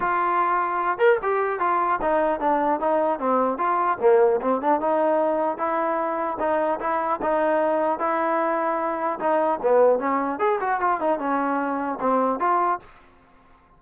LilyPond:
\new Staff \with { instrumentName = "trombone" } { \time 4/4 \tempo 4 = 150 f'2~ f'8 ais'8 g'4 | f'4 dis'4 d'4 dis'4 | c'4 f'4 ais4 c'8 d'8 | dis'2 e'2 |
dis'4 e'4 dis'2 | e'2. dis'4 | b4 cis'4 gis'8 fis'8 f'8 dis'8 | cis'2 c'4 f'4 | }